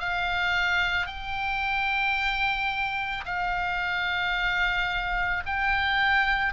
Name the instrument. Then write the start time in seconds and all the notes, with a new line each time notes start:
oboe
0.00 F5
1.07 G5
3.25 F5
5.46 G5